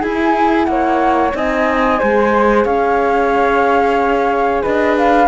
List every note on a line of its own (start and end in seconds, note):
0.00 0.68 E4
0.00 1.34 E4
0.00 0.66 G#4
0.00 0.65 G#5
0.65 1.34 A#3
0.65 1.36 C#5
0.65 1.31 F#5
1.34 2.01 C4
1.34 1.99 D#4
1.34 1.99 D#5
1.34 2.65 G#5
1.99 2.65 G#3
1.99 5.28 G#4
1.99 2.65 C5
2.65 4.63 C#4
2.65 4.63 C#5
2.65 4.63 F5
4.63 5.28 D4
4.63 5.28 B4
4.63 4.97 D#5
4.98 5.28 F5